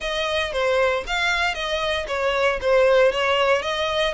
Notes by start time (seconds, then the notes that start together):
0.00 D#5
0.52 C5
1.06 F5
1.54 D#5
2.07 C#5
2.61 C5
3.12 C#5
3.62 D#5